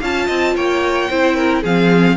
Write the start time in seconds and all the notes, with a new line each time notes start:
0.00 C#4 F4 F5 A5
0.27 C4 D#5
0.56 A#3 C#5 G5
1.10 C4 E4 C5
1.36 A#4
1.62 F3 C4 G#4 F5